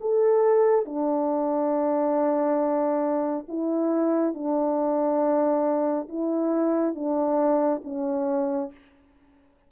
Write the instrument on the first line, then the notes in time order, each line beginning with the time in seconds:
horn
0.00 A4
0.85 D4
3.48 E4
4.34 D4
6.08 E4
6.94 D4
7.84 C#4